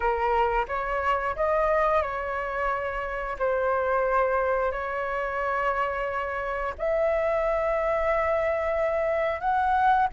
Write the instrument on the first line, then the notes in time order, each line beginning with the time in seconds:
flute
0.00 A#4
0.68 C#5
1.35 D#5
2.02 C#5
3.38 C5
4.71 C#5
6.78 E5
9.40 F#5